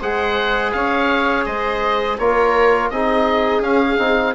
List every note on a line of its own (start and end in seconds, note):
0.00 0.74 G#3
0.00 2.19 G#4
0.00 0.72 C5
0.00 0.72 F#5
0.72 1.46 C#4
0.72 1.47 C#5
0.72 1.45 F5
1.45 2.19 G#3
1.45 2.19 C5
1.45 2.18 D#5
2.18 2.91 A#3
2.18 2.93 F4
2.18 2.92 A#4
2.18 2.90 C#5
2.90 3.60 C4
2.90 3.63 D#4
2.90 4.35 G#4
2.90 3.62 D#5
3.60 3.96 C#4
3.60 3.98 C#4
3.60 4.35 F5
3.98 4.35 C4
3.98 4.34 D#4